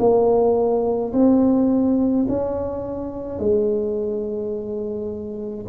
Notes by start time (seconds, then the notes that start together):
0.00 A#3
1.14 C4
2.29 C#4
3.39 G#3